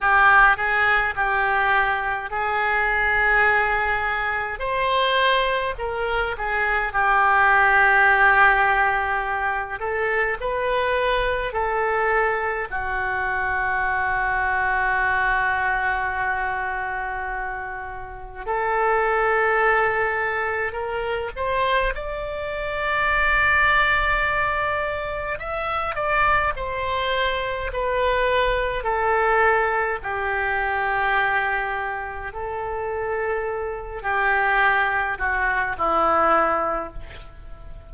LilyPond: \new Staff \with { instrumentName = "oboe" } { \time 4/4 \tempo 4 = 52 g'8 gis'8 g'4 gis'2 | c''4 ais'8 gis'8 g'2~ | g'8 a'8 b'4 a'4 fis'4~ | fis'1 |
a'2 ais'8 c''8 d''4~ | d''2 e''8 d''8 c''4 | b'4 a'4 g'2 | a'4. g'4 fis'8 e'4 | }